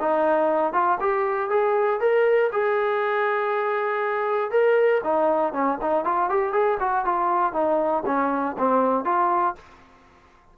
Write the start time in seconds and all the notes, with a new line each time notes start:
0.00 D#4
0.73 F4
1.00 G4
1.50 G#4
2.00 A#4
2.52 G#4
4.51 A#4
5.04 D#4
5.53 C#4
5.81 D#4
6.04 F4
6.29 G4
6.52 G#4
6.79 F#4
7.05 F4
7.53 D#4
8.06 C#4
8.58 C4
9.04 F4